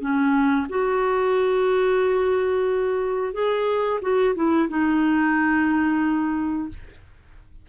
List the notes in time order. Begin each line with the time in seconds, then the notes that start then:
0.00 C#4
0.69 F#4
3.33 G#4
4.01 F#4
4.35 E4
4.69 D#4